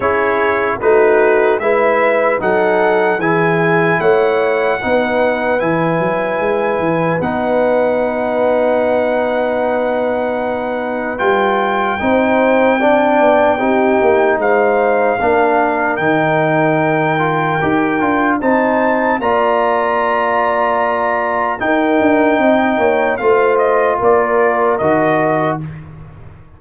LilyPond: <<
  \new Staff \with { instrumentName = "trumpet" } { \time 4/4 \tempo 4 = 75 cis''4 b'4 e''4 fis''4 | gis''4 fis''2 gis''4~ | gis''4 fis''2.~ | fis''2 g''2~ |
g''2 f''2 | g''2. a''4 | ais''2. g''4~ | g''4 f''8 dis''8 d''4 dis''4 | }
  \new Staff \with { instrumentName = "horn" } { \time 4/4 gis'4 fis'4 b'4 a'4 | gis'4 cis''4 b'2~ | b'1~ | b'2. c''4 |
d''4 g'4 c''4 ais'4~ | ais'2. c''4 | d''2. ais'4 | dis''8 cis''8 c''4 ais'2 | }
  \new Staff \with { instrumentName = "trombone" } { \time 4/4 e'4 dis'4 e'4 dis'4 | e'2 dis'4 e'4~ | e'4 dis'2.~ | dis'2 f'4 dis'4 |
d'4 dis'2 d'4 | dis'4. f'8 g'8 f'8 dis'4 | f'2. dis'4~ | dis'4 f'2 fis'4 | }
  \new Staff \with { instrumentName = "tuba" } { \time 4/4 cis'4 a4 gis4 fis4 | e4 a4 b4 e8 fis8 | gis8 e8 b2.~ | b2 g4 c'4~ |
c'8 b8 c'8 ais8 gis4 ais4 | dis2 dis'8 d'8 c'4 | ais2. dis'8 d'8 | c'8 ais8 a4 ais4 dis4 | }
>>